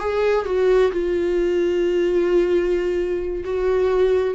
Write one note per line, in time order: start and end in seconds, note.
0.00 0.46 G#4
0.46 0.91 F#4
0.92 3.44 F4
3.44 4.35 F#4